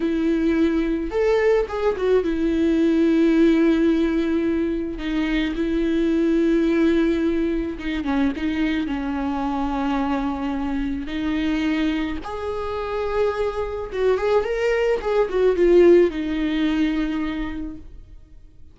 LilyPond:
\new Staff \with { instrumentName = "viola" } { \time 4/4 \tempo 4 = 108 e'2 a'4 gis'8 fis'8 | e'1~ | e'4 dis'4 e'2~ | e'2 dis'8 cis'8 dis'4 |
cis'1 | dis'2 gis'2~ | gis'4 fis'8 gis'8 ais'4 gis'8 fis'8 | f'4 dis'2. | }